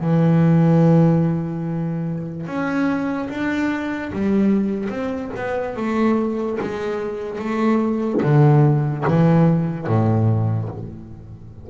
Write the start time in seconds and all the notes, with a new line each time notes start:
0.00 E3
2.46 C#4
3.29 D4
4.12 G3
4.89 C4
5.35 B3
5.76 A3
6.61 G#3
7.39 A3
8.22 D3
9.07 E3
9.87 A2